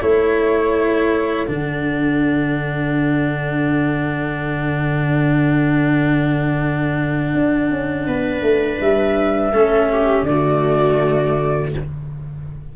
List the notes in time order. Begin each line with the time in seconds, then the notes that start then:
0.00 A3 E4 A4 C#5
1.47 D3 D4 F#5
7.35 D4
7.71 C#4
8.07 B3 B4
8.42 A3
8.81 G3 E5
9.53 A3 C#4 A4
9.92 G4
10.23 D3 A3 D5
10.30 F#4